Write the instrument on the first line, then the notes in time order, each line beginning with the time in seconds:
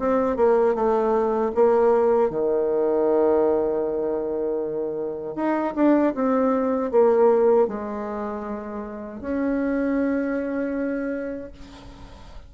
bassoon
0.00 C4
0.37 A#3
0.76 A3
1.55 A#3
2.30 D#3
5.36 D#4
5.76 D4
6.15 C4
6.92 A#3
7.68 G#3
9.21 C#4